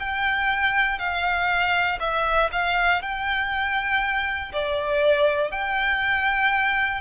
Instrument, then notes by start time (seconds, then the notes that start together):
violin
0.00 G5
0.99 F5
2.00 E5
2.52 F5
3.02 G5
4.53 D5
5.51 G5